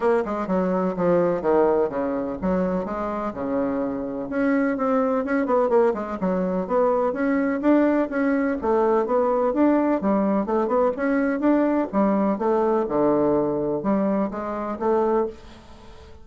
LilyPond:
\new Staff \with { instrumentName = "bassoon" } { \time 4/4 \tempo 4 = 126 ais8 gis8 fis4 f4 dis4 | cis4 fis4 gis4 cis4~ | cis4 cis'4 c'4 cis'8 b8 | ais8 gis8 fis4 b4 cis'4 |
d'4 cis'4 a4 b4 | d'4 g4 a8 b8 cis'4 | d'4 g4 a4 d4~ | d4 g4 gis4 a4 | }